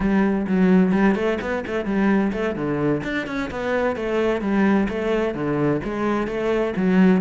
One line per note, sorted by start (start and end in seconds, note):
0.00 0.46 G3
0.47 0.92 F#3
0.92 1.15 G3
1.15 1.38 A3
1.41 1.64 B3
1.66 1.85 A3
1.85 2.32 G3
2.32 2.55 A3
2.55 3.01 D3
3.03 3.26 D4
3.26 3.50 C#4
3.51 3.95 B3
3.95 4.41 A3
4.41 4.87 G3
4.88 5.34 A3
5.34 5.81 D3
5.84 6.27 G#3
6.27 6.73 A3
6.76 7.21 F#3